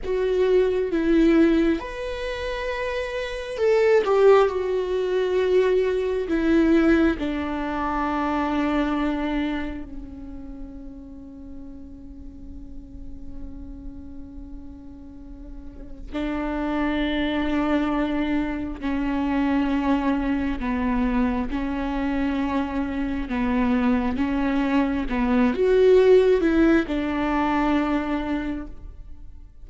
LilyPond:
\new Staff \with { instrumentName = "viola" } { \time 4/4 \tempo 4 = 67 fis'4 e'4 b'2 | a'8 g'8 fis'2 e'4 | d'2. cis'4~ | cis'1~ |
cis'2 d'2~ | d'4 cis'2 b4 | cis'2 b4 cis'4 | b8 fis'4 e'8 d'2 | }